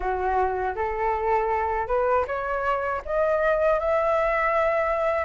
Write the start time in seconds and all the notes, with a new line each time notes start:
0.00 F#4
0.75 A4
1.87 B4
2.27 C#5
3.05 D#5
3.79 E5